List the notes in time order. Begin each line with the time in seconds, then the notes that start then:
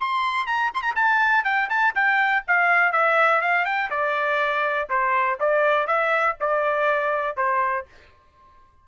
0.00 C6
0.46 A#5
0.74 C6
0.82 A#5
0.95 A5
1.44 G5
1.69 A5
1.94 G5
2.47 F5
2.92 E5
3.41 F5
3.65 G5
3.90 D5
4.89 C5
5.40 D5
5.87 E5
6.40 D5
7.36 C5